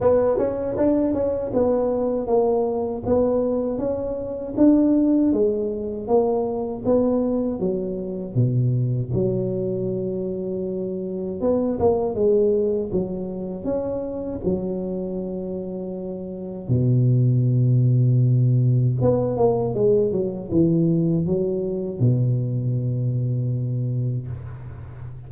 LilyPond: \new Staff \with { instrumentName = "tuba" } { \time 4/4 \tempo 4 = 79 b8 cis'8 d'8 cis'8 b4 ais4 | b4 cis'4 d'4 gis4 | ais4 b4 fis4 b,4 | fis2. b8 ais8 |
gis4 fis4 cis'4 fis4~ | fis2 b,2~ | b,4 b8 ais8 gis8 fis8 e4 | fis4 b,2. | }